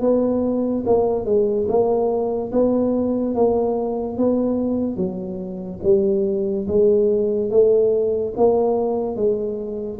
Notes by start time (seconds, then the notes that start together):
0.00 B3
0.86 A#3
1.25 G#3
1.67 A#3
2.52 B3
3.34 A#3
4.17 B3
4.96 F#3
5.83 G3
6.67 G#3
7.50 A3
8.36 A#3
9.16 G#3